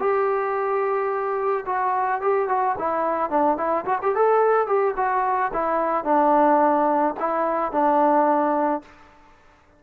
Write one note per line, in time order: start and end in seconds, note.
0.00 1.65 G4
1.67 2.22 F#4
2.22 2.49 G4
2.49 2.76 F#4
2.79 3.30 E4
3.30 3.58 D4
3.58 3.85 E4
3.86 3.99 F#4
4.03 4.16 G4
4.16 4.67 A4
4.67 4.94 G4
4.97 5.52 F#4
5.54 6.05 E4
6.05 7.15 D4
7.20 7.72 E4
7.72 8.82 D4